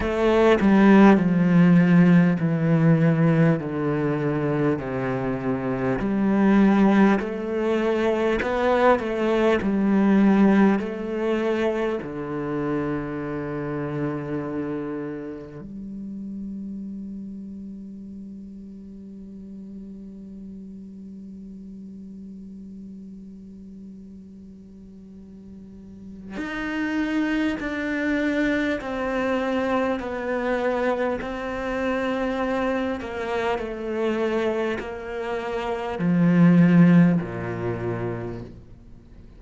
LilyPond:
\new Staff \with { instrumentName = "cello" } { \time 4/4 \tempo 4 = 50 a8 g8 f4 e4 d4 | c4 g4 a4 b8 a8 | g4 a4 d2~ | d4 g2.~ |
g1~ | g2 dis'4 d'4 | c'4 b4 c'4. ais8 | a4 ais4 f4 ais,4 | }